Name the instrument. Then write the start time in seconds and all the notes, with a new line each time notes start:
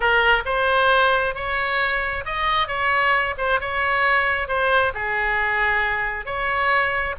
oboe
0.00 A#4
0.45 C5
1.34 C#5
2.25 D#5
2.67 C#5
3.37 C5
3.60 C#5
4.48 C5
4.94 G#4
6.25 C#5